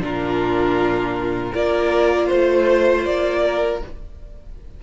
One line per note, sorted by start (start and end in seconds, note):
0.00 1.52 A#2
0.00 1.53 D4
0.00 1.53 F4
0.00 1.55 A#4
1.53 2.31 A#3
1.53 3.81 F4
1.53 2.26 A#4
1.53 2.29 D5
2.26 3.06 A3
2.26 3.40 C5
2.26 3.05 C5
3.05 3.82 A#3
3.05 3.81 D5
3.45 3.83 A#4